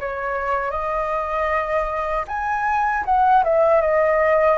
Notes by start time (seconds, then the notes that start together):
0.00 C#5
0.71 D#5
2.28 G#5
3.05 F#5
3.44 E5
3.81 D#5